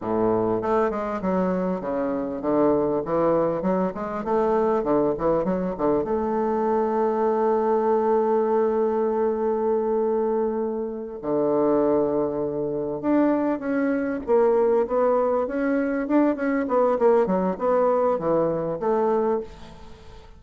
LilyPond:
\new Staff \with { instrumentName = "bassoon" } { \time 4/4 \tempo 4 = 99 a,4 a8 gis8 fis4 cis4 | d4 e4 fis8 gis8 a4 | d8 e8 fis8 d8 a2~ | a1~ |
a2~ a8 d4.~ | d4. d'4 cis'4 ais8~ | ais8 b4 cis'4 d'8 cis'8 b8 | ais8 fis8 b4 e4 a4 | }